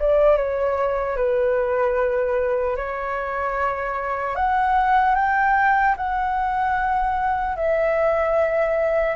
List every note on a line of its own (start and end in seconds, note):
0.00 0.37 D5
0.37 1.17 C#5
1.17 2.77 B4
2.77 4.36 C#5
4.36 5.15 F#5
5.15 5.95 G5
5.97 7.56 F#5
7.56 9.16 E5